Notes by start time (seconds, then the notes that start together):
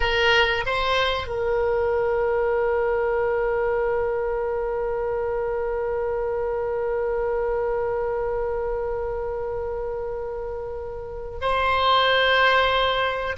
0.00 A#4
0.66 C5
1.27 A#4
11.41 C5